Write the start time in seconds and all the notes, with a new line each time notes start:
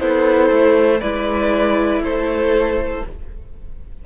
0.00 B3 E4 A4 C5
0.50 A3
1.00 G#3 E4 B4 D5
2.00 A3 A4 C5